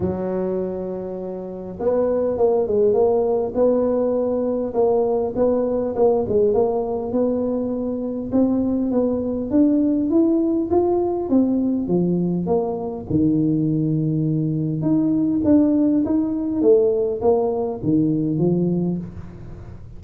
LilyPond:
\new Staff \with { instrumentName = "tuba" } { \time 4/4 \tempo 4 = 101 fis2. b4 | ais8 gis8 ais4 b2 | ais4 b4 ais8 gis8 ais4 | b2 c'4 b4 |
d'4 e'4 f'4 c'4 | f4 ais4 dis2~ | dis4 dis'4 d'4 dis'4 | a4 ais4 dis4 f4 | }